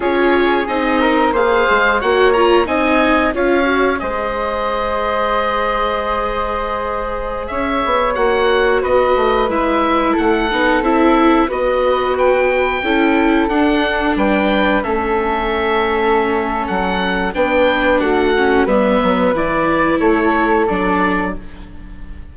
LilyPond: <<
  \new Staff \with { instrumentName = "oboe" } { \time 4/4 \tempo 4 = 90 cis''4 dis''4 f''4 fis''8 ais''8 | gis''4 f''4 dis''2~ | dis''2.~ dis''16 e''8.~ | e''16 fis''4 dis''4 e''4 fis''8.~ |
fis''16 e''4 dis''4 g''4.~ g''16~ | g''16 fis''4 g''4 e''4.~ e''16~ | e''4 fis''4 g''4 fis''4 | e''4 d''4 cis''4 d''4 | }
  \new Staff \with { instrumentName = "flute" } { \time 4/4 gis'4. ais'8 c''4 cis''4 | dis''4 cis''4 c''2~ | c''2.~ c''16 cis''8.~ | cis''4~ cis''16 b'2 a'8.~ |
a'4~ a'16 b'2 a'8.~ | a'4~ a'16 b'4 a'4.~ a'16~ | a'2 b'4 fis'4 | b'2 a'2 | }
  \new Staff \with { instrumentName = "viola" } { \time 4/4 f'4 dis'4 gis'4 fis'8 f'8 | dis'4 f'8 fis'8 gis'2~ | gis'1~ | gis'16 fis'2 e'4. dis'16~ |
dis'16 e'4 fis'2 e'8.~ | e'16 d'2 cis'4.~ cis'16~ | cis'2 d'4. cis'8 | b4 e'2 d'4 | }
  \new Staff \with { instrumentName = "bassoon" } { \time 4/4 cis'4 c'4 ais8 gis8 ais4 | c'4 cis'4 gis2~ | gis2.~ gis16 cis'8 b16~ | b16 ais4 b8 a8 gis4 a8 b16~ |
b16 c'4 b2 cis'8.~ | cis'16 d'4 g4 a4.~ a16~ | a4 fis4 b4 a4 | g8 fis8 e4 a4 fis4 | }
>>